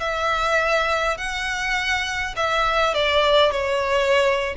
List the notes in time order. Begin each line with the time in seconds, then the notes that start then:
0.00 E5
1.18 F#5
2.36 E5
2.94 D5
3.52 C#5